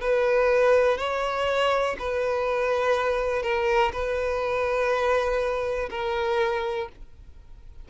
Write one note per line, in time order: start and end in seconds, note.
0.00 0.97 B4
0.97 1.96 C#5
1.99 3.42 B4
3.42 3.91 A#4
3.92 5.89 B4
5.90 6.88 A#4